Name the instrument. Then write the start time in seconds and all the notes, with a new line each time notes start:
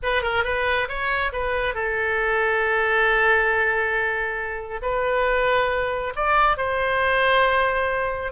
oboe
0.03 B4
0.22 A#4
0.44 B4
0.88 C#5
1.32 B4
1.74 A4
4.82 B4
6.15 D5
6.57 C5